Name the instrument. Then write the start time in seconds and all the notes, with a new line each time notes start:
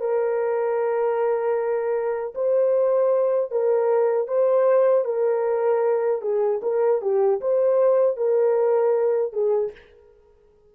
horn
0.00 A#4
2.35 C5
3.51 A#4
4.28 C5
5.05 A#4
6.22 G#4
6.63 A#4
7.02 G4
7.41 C5
8.17 A#4
9.33 G#4